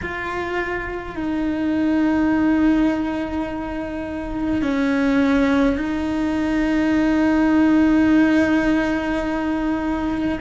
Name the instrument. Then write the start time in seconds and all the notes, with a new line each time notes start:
cello
0.02 F4
1.15 D#4
4.62 C#4
5.77 D#4